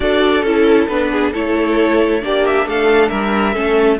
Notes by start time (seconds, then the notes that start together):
0.00 D4 F#4 A4 D5
0.42 C#4 E4 A4
0.87 B3 D4 B4
1.11 G#4
1.31 A3 E4 A4 C#5
2.21 A#3 D4 G4 D5
2.46 E5
2.65 A3 A4 F5
3.09 G3 A#4 E5
3.53 A3 C#4 A4